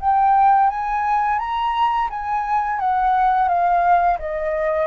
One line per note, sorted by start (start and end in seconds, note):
0.00 0.69 G5
0.69 1.39 G#5
1.39 2.09 A#5
2.10 2.80 G#5
2.80 3.48 F#5
3.48 4.18 F5
4.19 4.87 D#5